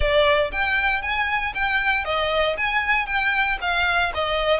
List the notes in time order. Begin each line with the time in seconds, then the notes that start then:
0.00 D5
0.52 G5
1.01 G#5
1.54 G5
2.05 D#5
2.57 G#5
3.06 G5
3.61 F5
4.14 D#5